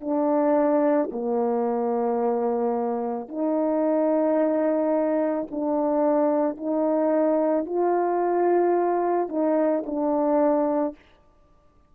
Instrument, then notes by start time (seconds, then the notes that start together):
horn
0.00 D4
1.11 A#3
3.28 D#4
5.50 D4
6.57 D#4
7.65 F4
9.29 D#4
9.86 D4